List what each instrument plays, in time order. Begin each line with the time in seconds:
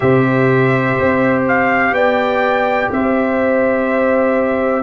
0.00 tuba C3, trombone G4, horn C5, trumpet E5
0.99 tuba C4
1.48 trumpet F5
1.91 tuba B3, horn D5, trumpet G5
2.91 tuba C4, horn C5, trumpet E5